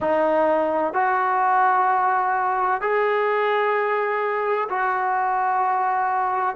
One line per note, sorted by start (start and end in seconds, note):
0.00 0.93 D#4
0.93 2.81 F#4
2.81 4.68 G#4
4.69 6.56 F#4